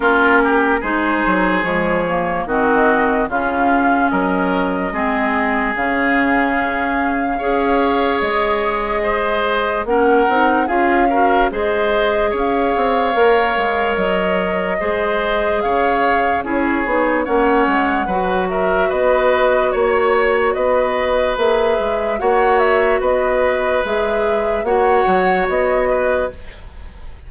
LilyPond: <<
  \new Staff \with { instrumentName = "flute" } { \time 4/4 \tempo 4 = 73 ais'4 c''4 cis''4 dis''4 | f''4 dis''2 f''4~ | f''2 dis''2 | fis''4 f''4 dis''4 f''4~ |
f''4 dis''2 f''4 | cis''4 fis''4. e''8 dis''4 | cis''4 dis''4 e''4 fis''8 e''8 | dis''4 e''4 fis''4 dis''4 | }
  \new Staff \with { instrumentName = "oboe" } { \time 4/4 f'8 g'8 gis'2 fis'4 | f'4 ais'4 gis'2~ | gis'4 cis''2 c''4 | ais'4 gis'8 ais'8 c''4 cis''4~ |
cis''2 c''4 cis''4 | gis'4 cis''4 b'8 ais'8 b'4 | cis''4 b'2 cis''4 | b'2 cis''4. b'8 | }
  \new Staff \with { instrumentName = "clarinet" } { \time 4/4 cis'4 dis'4 gis8 ais8 c'4 | cis'2 c'4 cis'4~ | cis'4 gis'2. | cis'8 dis'8 f'8 fis'8 gis'2 |
ais'2 gis'2 | e'8 dis'8 cis'4 fis'2~ | fis'2 gis'4 fis'4~ | fis'4 gis'4 fis'2 | }
  \new Staff \with { instrumentName = "bassoon" } { \time 4/4 ais4 gis8 fis8 f4 dis4 | cis4 fis4 gis4 cis4~ | cis4 cis'4 gis2 | ais8 c'8 cis'4 gis4 cis'8 c'8 |
ais8 gis8 fis4 gis4 cis4 | cis'8 b8 ais8 gis8 fis4 b4 | ais4 b4 ais8 gis8 ais4 | b4 gis4 ais8 fis8 b4 | }
>>